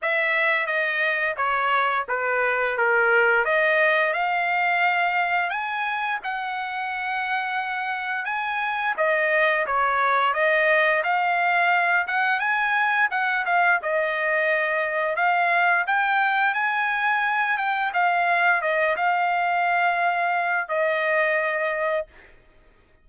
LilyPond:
\new Staff \with { instrumentName = "trumpet" } { \time 4/4 \tempo 4 = 87 e''4 dis''4 cis''4 b'4 | ais'4 dis''4 f''2 | gis''4 fis''2. | gis''4 dis''4 cis''4 dis''4 |
f''4. fis''8 gis''4 fis''8 f''8 | dis''2 f''4 g''4 | gis''4. g''8 f''4 dis''8 f''8~ | f''2 dis''2 | }